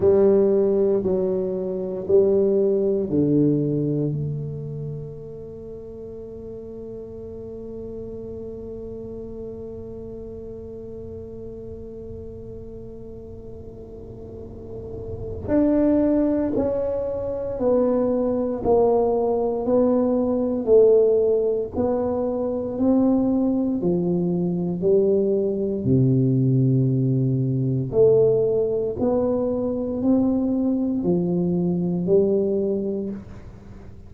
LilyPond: \new Staff \with { instrumentName = "tuba" } { \time 4/4 \tempo 4 = 58 g4 fis4 g4 d4 | a1~ | a1~ | a2. d'4 |
cis'4 b4 ais4 b4 | a4 b4 c'4 f4 | g4 c2 a4 | b4 c'4 f4 g4 | }